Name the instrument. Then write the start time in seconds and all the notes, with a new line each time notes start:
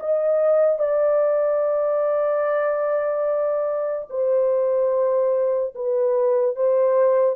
horn
0.00 D#5
0.79 D5
4.10 C5
5.75 B4
6.56 C5